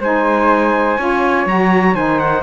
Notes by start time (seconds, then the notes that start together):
0.00 G#3 D#4 C5 G#5
0.98 C#4 F4 C#5
1.46 F#3 F#4 A#5
1.95 D#3 D#4 C5 G#5
2.19 F#5